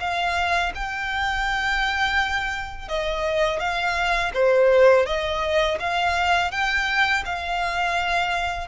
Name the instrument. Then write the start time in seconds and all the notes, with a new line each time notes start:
violin
0.00 F5
0.75 G5
2.88 D#5
3.59 F5
4.34 C5
5.06 D#5
5.80 F5
6.51 G5
7.25 F5